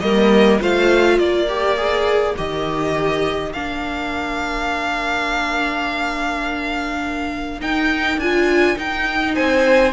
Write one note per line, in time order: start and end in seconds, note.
0.00 0.59 G3
0.00 0.60 A#3
0.00 0.61 A#4
0.00 0.58 D#5
0.60 1.19 A3
0.60 1.47 F4
0.60 1.16 C5
0.60 1.18 F5
1.16 2.35 A#3
1.16 9.31 A#4
1.16 2.35 D5
1.48 1.77 G4
1.77 2.35 G#4
2.36 3.55 D#3
2.36 3.53 G4
2.36 3.53 D#5
3.53 7.61 A#3
3.53 7.61 D4
3.53 7.61 F5
7.61 8.17 D#4
7.61 8.19 D#4
7.61 8.20 G5
8.17 8.75 D4
8.17 8.75 F4
8.17 8.78 G#5
8.75 9.92 D#4
8.75 9.36 D#4
8.75 9.35 G5
9.34 9.92 C4
9.34 9.92 C5
9.34 9.92 G#5